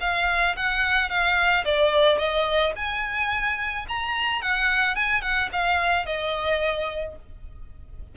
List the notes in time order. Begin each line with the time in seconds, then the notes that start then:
0.00 F5
0.56 F#5
1.09 F5
1.65 D5
2.17 D#5
2.76 G#5
3.88 A#5
4.41 F#5
4.95 G#5
5.21 F#5
5.52 F5
6.06 D#5